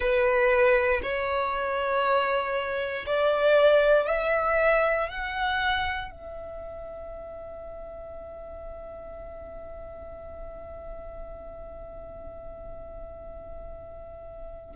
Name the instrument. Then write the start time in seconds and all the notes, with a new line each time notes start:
violin
0.00 B4
1.02 C#5
3.06 D5
4.07 E5
5.08 F#5
6.11 E5